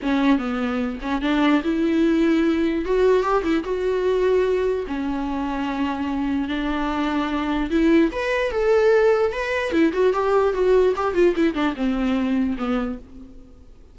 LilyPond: \new Staff \with { instrumentName = "viola" } { \time 4/4 \tempo 4 = 148 cis'4 b4. cis'8 d'4 | e'2. fis'4 | g'8 e'8 fis'2. | cis'1 |
d'2. e'4 | b'4 a'2 b'4 | e'8 fis'8 g'4 fis'4 g'8 f'8 | e'8 d'8 c'2 b4 | }